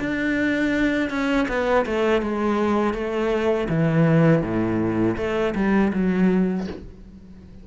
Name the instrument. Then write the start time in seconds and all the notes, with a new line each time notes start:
cello
0.00 D4
1.10 C#4
1.48 B3
1.86 A3
2.22 G#3
2.94 A3
3.69 E3
4.42 A2
5.18 A3
5.55 G3
5.93 F#3